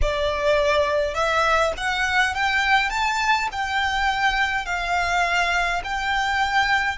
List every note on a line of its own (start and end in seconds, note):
0.01 1.14 D5
1.14 1.72 E5
1.77 2.34 F#5
2.34 2.90 G5
2.90 3.48 A5
3.51 4.65 G5
4.65 5.82 F5
5.84 6.97 G5